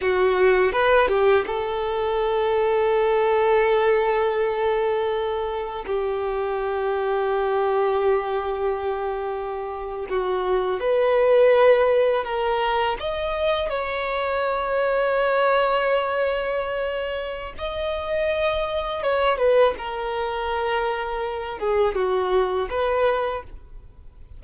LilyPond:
\new Staff \with { instrumentName = "violin" } { \time 4/4 \tempo 4 = 82 fis'4 b'8 g'8 a'2~ | a'1 | g'1~ | g'4.~ g'16 fis'4 b'4~ b'16~ |
b'8. ais'4 dis''4 cis''4~ cis''16~ | cis''1 | dis''2 cis''8 b'8 ais'4~ | ais'4. gis'8 fis'4 b'4 | }